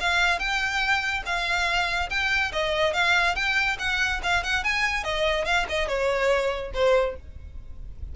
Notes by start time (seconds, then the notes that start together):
0.00 F5
0.39 G5
1.26 F5
2.10 G5
2.52 D#5
2.93 F5
3.35 G5
3.79 F#5
4.23 F5
4.43 F#5
4.64 G#5
5.04 D#5
5.45 F5
5.69 D#5
5.88 C#5
6.74 C5